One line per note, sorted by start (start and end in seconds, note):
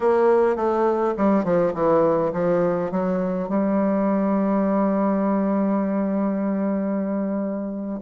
0.00 0.56 A#3
0.56 1.14 A3
1.17 1.44 G3
1.44 1.73 F3
1.74 2.32 E3
2.32 2.91 F3
2.91 3.48 F#3
3.48 8.00 G3